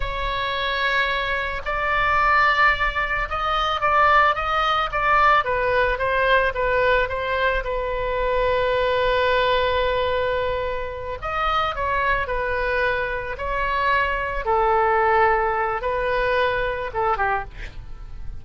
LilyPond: \new Staff \with { instrumentName = "oboe" } { \time 4/4 \tempo 4 = 110 cis''2. d''4~ | d''2 dis''4 d''4 | dis''4 d''4 b'4 c''4 | b'4 c''4 b'2~ |
b'1~ | b'8 dis''4 cis''4 b'4.~ | b'8 cis''2 a'4.~ | a'4 b'2 a'8 g'8 | }